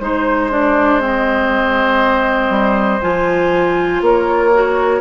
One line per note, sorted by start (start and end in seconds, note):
0.00 2.50 G#3
0.00 0.51 D#4
0.00 0.50 C5
0.00 4.03 C5
0.51 1.00 D4
0.51 1.01 D5
1.00 3.00 C4
1.00 3.02 D#5
2.50 3.00 G3
3.01 4.02 F3
3.01 4.51 F4
3.01 4.02 G#5
4.02 5.01 A#3
4.02 5.01 A#4
4.02 5.01 C#5
4.54 5.01 F#4